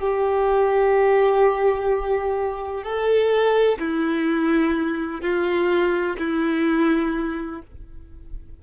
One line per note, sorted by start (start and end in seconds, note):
0.00 2.84 G4
2.84 3.79 A4
3.79 5.22 E4
5.22 6.17 F4
6.19 7.62 E4